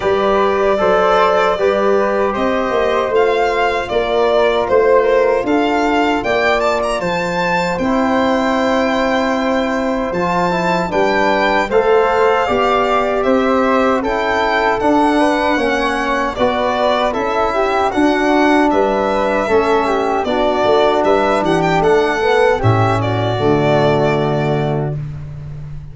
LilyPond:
<<
  \new Staff \with { instrumentName = "violin" } { \time 4/4 \tempo 4 = 77 d''2. dis''4 | f''4 d''4 c''4 f''4 | g''8 a''16 ais''16 a''4 g''2~ | g''4 a''4 g''4 f''4~ |
f''4 e''4 g''4 fis''4~ | fis''4 d''4 e''4 fis''4 | e''2 d''4 e''8 fis''16 g''16 | fis''4 e''8 d''2~ d''8 | }
  \new Staff \with { instrumentName = "flute" } { \time 4/4 b'4 c''4 b'4 c''4~ | c''4 ais'4 c''8 ais'8 a'4 | d''4 c''2.~ | c''2 b'4 c''4 |
d''4 c''4 a'4. b'8 | cis''4 b'4 a'8 g'8 fis'4 | b'4 a'8 g'8 fis'4 b'8 g'8 | a'4 g'8 fis'2~ fis'8 | }
  \new Staff \with { instrumentName = "trombone" } { \time 4/4 g'4 a'4 g'2 | f'1~ | f'2 e'2~ | e'4 f'8 e'8 d'4 a'4 |
g'2 e'4 d'4 | cis'4 fis'4 e'4 d'4~ | d'4 cis'4 d'2~ | d'8 b8 cis'4 a2 | }
  \new Staff \with { instrumentName = "tuba" } { \time 4/4 g4 fis4 g4 c'8 ais8 | a4 ais4 a4 d'4 | ais4 f4 c'2~ | c'4 f4 g4 a4 |
b4 c'4 cis'4 d'4 | ais4 b4 cis'4 d'4 | g4 a4 b8 a8 g8 e8 | a4 a,4 d2 | }
>>